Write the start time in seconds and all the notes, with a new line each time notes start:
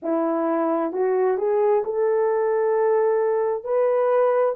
0.02 E4
0.92 F#4
1.37 G#4
1.84 A4
3.64 B4